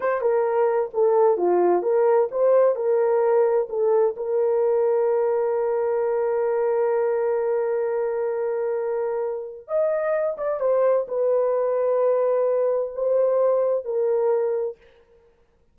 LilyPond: \new Staff \with { instrumentName = "horn" } { \time 4/4 \tempo 4 = 130 c''8 ais'4. a'4 f'4 | ais'4 c''4 ais'2 | a'4 ais'2.~ | ais'1~ |
ais'1~ | ais'4 dis''4. d''8 c''4 | b'1 | c''2 ais'2 | }